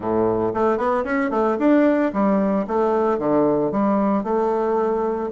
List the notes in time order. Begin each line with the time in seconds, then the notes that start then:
0.00 A2
0.54 A3
0.77 B3
1.04 C#4
1.30 A3
1.59 D4
2.13 G3
2.67 A3
3.18 D3
3.71 G3
4.23 A3